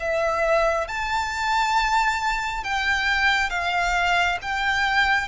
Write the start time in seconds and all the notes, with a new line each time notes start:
0.00 E5
0.88 A5
2.64 G5
3.50 F5
4.42 G5